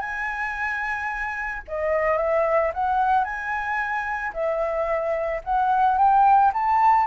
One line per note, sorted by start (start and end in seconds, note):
0.00 1.62 G#5
1.68 2.17 D#5
2.17 2.71 E5
2.74 3.24 F#5
3.24 4.32 G#5
4.33 5.41 E5
5.44 5.98 F#5
5.98 6.52 G5
6.53 7.07 A5